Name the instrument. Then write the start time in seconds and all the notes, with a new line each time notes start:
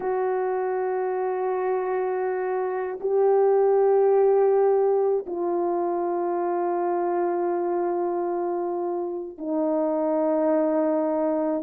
horn
0.00 F#4
3.00 G4
5.26 F4
9.38 D#4